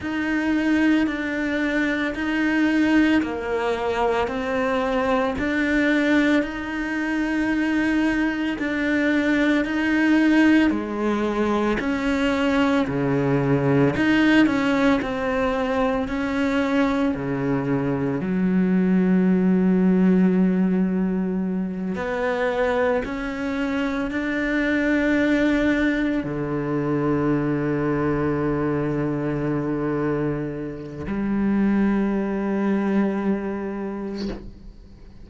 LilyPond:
\new Staff \with { instrumentName = "cello" } { \time 4/4 \tempo 4 = 56 dis'4 d'4 dis'4 ais4 | c'4 d'4 dis'2 | d'4 dis'4 gis4 cis'4 | cis4 dis'8 cis'8 c'4 cis'4 |
cis4 fis2.~ | fis8 b4 cis'4 d'4.~ | d'8 d2.~ d8~ | d4 g2. | }